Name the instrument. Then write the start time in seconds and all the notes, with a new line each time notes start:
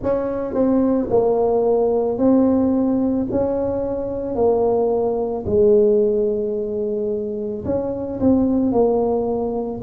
tuba
0.02 C#4
0.54 C4
1.10 A#3
2.18 C4
3.30 C#4
4.35 A#3
5.45 G#3
7.65 C#4
8.20 C4
8.72 A#3